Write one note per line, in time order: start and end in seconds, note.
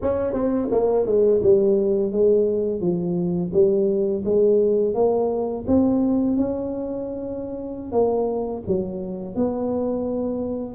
0.02 0.33 C#4
0.33 0.68 C4
0.71 1.06 A#3
1.06 1.41 G#3
1.42 2.12 G3
2.12 2.80 G#3
2.80 3.51 F3
3.53 4.24 G3
4.24 4.94 G#3
4.94 5.65 A#3
5.67 6.37 C4
6.37 7.92 C#4
7.92 8.62 A#3
8.67 9.35 F#3
9.35 10.75 B3